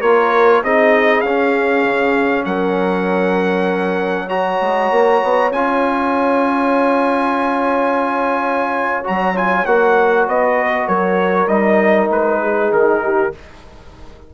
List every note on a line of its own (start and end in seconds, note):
0.00 0.62 A#3
0.00 0.64 F4
0.00 0.61 A#4
0.00 0.62 C#5
0.62 1.23 C4
0.62 1.25 D#4
0.62 2.46 G#4
0.62 1.21 D#5
1.21 1.84 C#4
1.21 4.29 C#4
1.21 2.43 F5
1.84 2.45 C#3
2.45 4.59 F#3
2.45 4.26 A#4
2.45 4.29 F#5
4.26 5.52 F#4
4.26 10.54 C#5
4.26 5.52 A#5
4.60 4.90 G#3
4.90 5.21 A#3
5.23 5.51 B3
5.51 9.03 C#4
5.51 9.04 F4
5.51 9.04 G#5
9.04 9.66 F#3
9.04 9.34 F#4
9.04 9.37 A#5
9.34 9.65 F4
9.34 9.65 G#5
9.65 10.27 A#3
9.65 11.48 F#4
9.65 10.26 F#5
10.27 10.88 B3
10.27 10.88 D#5
10.59 10.88 B4
10.88 11.47 F#3
10.88 12.41 A#4
10.88 11.48 C#5
11.47 12.08 G3
11.47 13.32 D#4
11.47 12.09 D#5
12.10 12.71 G#3
12.10 12.72 B4
12.42 13.03 G#4
12.72 13.33 D#3
12.72 13.34 A#4
13.03 13.34 G4